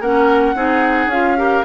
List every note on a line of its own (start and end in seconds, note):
0.00 0.55 A#3
0.00 0.56 C#4
0.00 0.55 A#4
0.00 1.10 F#5
0.55 1.07 C4
0.55 1.10 D#4
0.55 1.38 G#4
1.07 1.61 C#4
1.07 1.37 F4
1.07 1.65 F5
1.37 1.64 G4
1.37 1.65 A#4